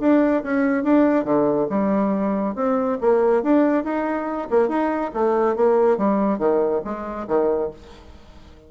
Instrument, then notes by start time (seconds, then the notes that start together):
bassoon
0.00 D4
0.43 C#4
0.84 D4
1.24 D3
1.70 G3
2.55 C4
3.01 A#3
3.43 D4
3.84 D#4
4.51 A#3
4.68 D#4
5.14 A3
5.56 A#3
5.98 G3
6.39 D#3
6.84 G#3
7.28 D#3